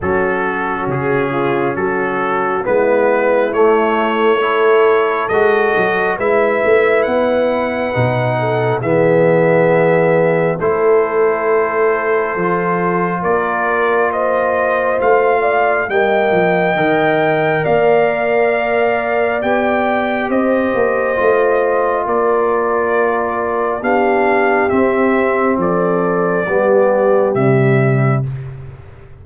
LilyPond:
<<
  \new Staff \with { instrumentName = "trumpet" } { \time 4/4 \tempo 4 = 68 a'4 gis'4 a'4 b'4 | cis''2 dis''4 e''4 | fis''2 e''2 | c''2. d''4 |
dis''4 f''4 g''2 | f''2 g''4 dis''4~ | dis''4 d''2 f''4 | e''4 d''2 e''4 | }
  \new Staff \with { instrumentName = "horn" } { \time 4/4 fis'4. f'8 fis'4 e'4~ | e'4 a'2 b'4~ | b'4. a'8 gis'2 | a'2. ais'4 |
c''4. d''8 dis''2 | d''2. c''4~ | c''4 ais'2 g'4~ | g'4 a'4 g'2 | }
  \new Staff \with { instrumentName = "trombone" } { \time 4/4 cis'2. b4 | a4 e'4 fis'4 e'4~ | e'4 dis'4 b2 | e'2 f'2~ |
f'2 ais4 ais'4~ | ais'2 g'2 | f'2. d'4 | c'2 b4 g4 | }
  \new Staff \with { instrumentName = "tuba" } { \time 4/4 fis4 cis4 fis4 gis4 | a2 gis8 fis8 gis8 a8 | b4 b,4 e2 | a2 f4 ais4~ |
ais4 a4 g8 f8 dis4 | ais2 b4 c'8 ais8 | a4 ais2 b4 | c'4 f4 g4 c4 | }
>>